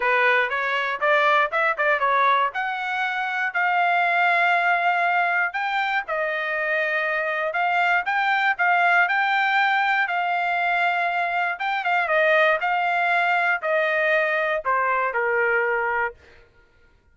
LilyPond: \new Staff \with { instrumentName = "trumpet" } { \time 4/4 \tempo 4 = 119 b'4 cis''4 d''4 e''8 d''8 | cis''4 fis''2 f''4~ | f''2. g''4 | dis''2. f''4 |
g''4 f''4 g''2 | f''2. g''8 f''8 | dis''4 f''2 dis''4~ | dis''4 c''4 ais'2 | }